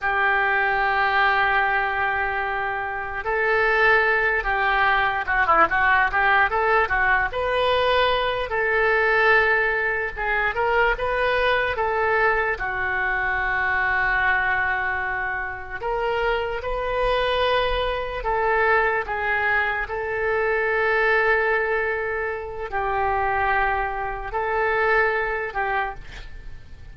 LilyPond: \new Staff \with { instrumentName = "oboe" } { \time 4/4 \tempo 4 = 74 g'1 | a'4. g'4 fis'16 e'16 fis'8 g'8 | a'8 fis'8 b'4. a'4.~ | a'8 gis'8 ais'8 b'4 a'4 fis'8~ |
fis'2.~ fis'8 ais'8~ | ais'8 b'2 a'4 gis'8~ | gis'8 a'2.~ a'8 | g'2 a'4. g'8 | }